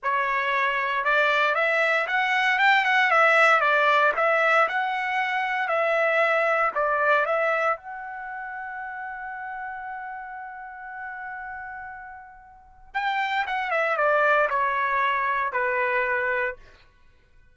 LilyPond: \new Staff \with { instrumentName = "trumpet" } { \time 4/4 \tempo 4 = 116 cis''2 d''4 e''4 | fis''4 g''8 fis''8 e''4 d''4 | e''4 fis''2 e''4~ | e''4 d''4 e''4 fis''4~ |
fis''1~ | fis''1~ | fis''4 g''4 fis''8 e''8 d''4 | cis''2 b'2 | }